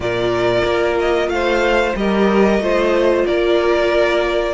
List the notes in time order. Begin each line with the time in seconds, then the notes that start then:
0.00 A#2 F4 A#4 D5
0.64 A#3
0.99 D#5
1.27 A3 C5 F5
1.95 G3 G4 A#4 D#5
2.59 A3 F4 C5
3.26 A#3 A#4 D5